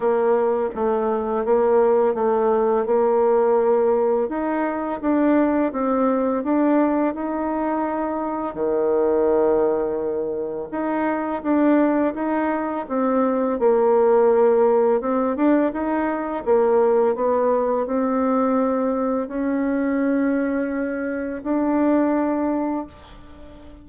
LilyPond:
\new Staff \with { instrumentName = "bassoon" } { \time 4/4 \tempo 4 = 84 ais4 a4 ais4 a4 | ais2 dis'4 d'4 | c'4 d'4 dis'2 | dis2. dis'4 |
d'4 dis'4 c'4 ais4~ | ais4 c'8 d'8 dis'4 ais4 | b4 c'2 cis'4~ | cis'2 d'2 | }